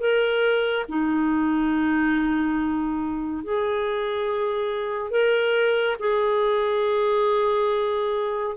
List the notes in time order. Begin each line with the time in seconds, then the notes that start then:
0.00 A#4
0.89 D#4
3.44 G#4
5.11 A#4
6.00 G#4